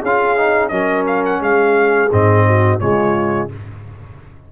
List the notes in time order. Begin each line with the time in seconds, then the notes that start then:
0.00 C#4 F4 G#4 F5
0.37 D#4
0.68 F#3 C#4 A#4 D#5
1.07 F5
1.25 F#5
1.40 G#3 G#4 F5
2.12 G#2 C4 D#5
2.46 F#4
2.80 C#3 G#3 F4 C#5